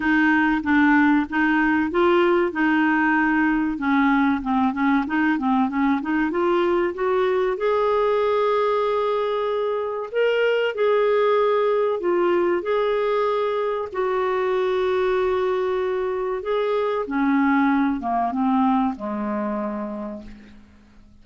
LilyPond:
\new Staff \with { instrumentName = "clarinet" } { \time 4/4 \tempo 4 = 95 dis'4 d'4 dis'4 f'4 | dis'2 cis'4 c'8 cis'8 | dis'8 c'8 cis'8 dis'8 f'4 fis'4 | gis'1 |
ais'4 gis'2 f'4 | gis'2 fis'2~ | fis'2 gis'4 cis'4~ | cis'8 ais8 c'4 gis2 | }